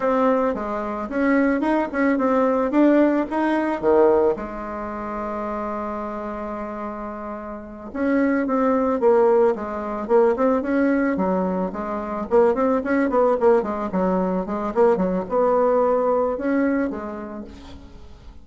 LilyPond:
\new Staff \with { instrumentName = "bassoon" } { \time 4/4 \tempo 4 = 110 c'4 gis4 cis'4 dis'8 cis'8 | c'4 d'4 dis'4 dis4 | gis1~ | gis2~ gis8 cis'4 c'8~ |
c'8 ais4 gis4 ais8 c'8 cis'8~ | cis'8 fis4 gis4 ais8 c'8 cis'8 | b8 ais8 gis8 fis4 gis8 ais8 fis8 | b2 cis'4 gis4 | }